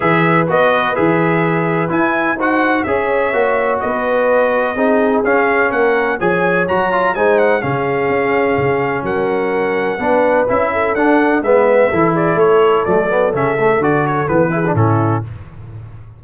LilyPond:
<<
  \new Staff \with { instrumentName = "trumpet" } { \time 4/4 \tempo 4 = 126 e''4 dis''4 e''2 | gis''4 fis''4 e''2 | dis''2. f''4 | fis''4 gis''4 ais''4 gis''8 fis''8 |
f''2. fis''4~ | fis''2 e''4 fis''4 | e''4. d''8 cis''4 d''4 | e''4 d''8 cis''8 b'4 a'4 | }
  \new Staff \with { instrumentName = "horn" } { \time 4/4 b'1~ | b'4 c''4 cis''2 | b'2 gis'2 | ais'4 cis''2 c''4 |
gis'2. ais'4~ | ais'4 b'4. a'4. | b'4 a'8 gis'8 a'2~ | a'2~ a'8 gis'8 e'4 | }
  \new Staff \with { instrumentName = "trombone" } { \time 4/4 gis'4 fis'4 gis'2 | e'4 fis'4 gis'4 fis'4~ | fis'2 dis'4 cis'4~ | cis'4 gis'4 fis'8 f'8 dis'4 |
cis'1~ | cis'4 d'4 e'4 d'4 | b4 e'2 a8 b8 | cis'8 a8 fis'4 b8 e'16 d'16 cis'4 | }
  \new Staff \with { instrumentName = "tuba" } { \time 4/4 e4 b4 e2 | e'4 dis'4 cis'4 ais4 | b2 c'4 cis'4 | ais4 f4 fis4 gis4 |
cis4 cis'4 cis4 fis4~ | fis4 b4 cis'4 d'4 | gis4 e4 a4 fis4 | cis4 d4 e4 a,4 | }
>>